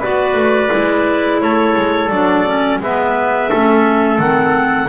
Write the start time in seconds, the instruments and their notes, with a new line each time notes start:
0.00 double bass B3, clarinet F#4 D5, trumpet B4
0.34 double bass A3
0.70 double bass G#3, clarinet E4
1.41 double bass A3, trumpet A4, clarinet C#5
1.77 double bass G#3
2.09 double bass F#3, clarinet D4 D5
2.46 clarinet C#4
2.80 double bass G#3, clarinet B3 E5, trumpet B4
3.50 double bass A3, clarinet C#4, trumpet A4
4.19 double bass D#3, clarinet C4 F#5